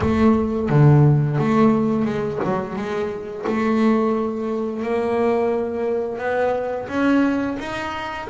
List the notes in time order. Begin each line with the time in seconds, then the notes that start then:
0.00 A3
0.69 D3
1.38 A3
2.05 G#3
2.44 F#3
2.76 G#3
3.46 A3
4.82 A#3
6.18 B3
6.88 C#4
7.59 D#4